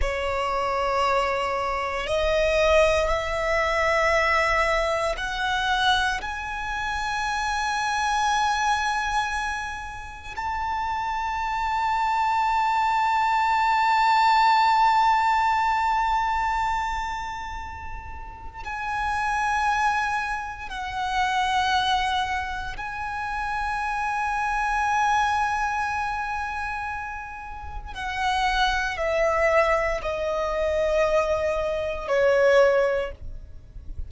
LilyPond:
\new Staff \with { instrumentName = "violin" } { \time 4/4 \tempo 4 = 58 cis''2 dis''4 e''4~ | e''4 fis''4 gis''2~ | gis''2 a''2~ | a''1~ |
a''2 gis''2 | fis''2 gis''2~ | gis''2. fis''4 | e''4 dis''2 cis''4 | }